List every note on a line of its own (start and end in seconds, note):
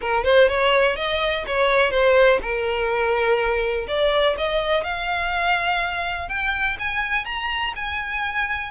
0.01 0.24 A#4
0.24 0.48 C5
0.48 0.96 C#5
0.96 1.44 D#5
1.46 1.90 C#5
1.90 2.39 C5
2.41 3.87 A#4
3.87 4.36 D5
4.37 4.83 D#5
4.83 6.28 F5
6.28 6.77 G5
6.79 7.25 G#5
7.25 7.73 A#5
7.75 8.71 G#5